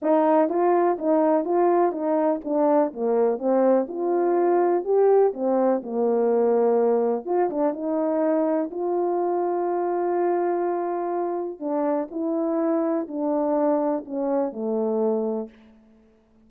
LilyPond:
\new Staff \with { instrumentName = "horn" } { \time 4/4 \tempo 4 = 124 dis'4 f'4 dis'4 f'4 | dis'4 d'4 ais4 c'4 | f'2 g'4 c'4 | ais2. f'8 d'8 |
dis'2 f'2~ | f'1 | d'4 e'2 d'4~ | d'4 cis'4 a2 | }